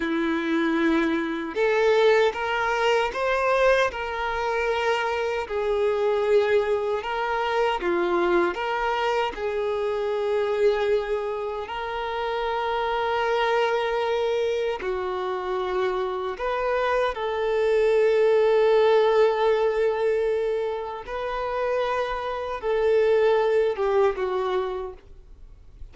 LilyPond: \new Staff \with { instrumentName = "violin" } { \time 4/4 \tempo 4 = 77 e'2 a'4 ais'4 | c''4 ais'2 gis'4~ | gis'4 ais'4 f'4 ais'4 | gis'2. ais'4~ |
ais'2. fis'4~ | fis'4 b'4 a'2~ | a'2. b'4~ | b'4 a'4. g'8 fis'4 | }